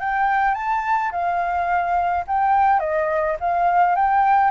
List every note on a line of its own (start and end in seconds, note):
0.00 0.55 G5
0.55 1.11 A5
1.12 2.25 F5
2.27 2.80 G5
2.80 3.36 D#5
3.40 3.95 F5
3.95 4.51 G5